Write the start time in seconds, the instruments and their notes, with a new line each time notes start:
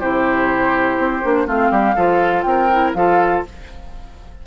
0.00 bassoon C3, clarinet E4, oboe G4, flute C5
0.98 bassoon C4
1.23 bassoon A#3, clarinet D4
1.47 bassoon A3, clarinet C4, oboe F4, flute F5
1.71 bassoon G3, oboe G4
1.96 bassoon F3, clarinet F4, oboe A4
2.42 bassoon C4, oboe A#4, flute G5
2.72 clarinet E4
2.95 bassoon F3, clarinet F4, oboe A4, flute F5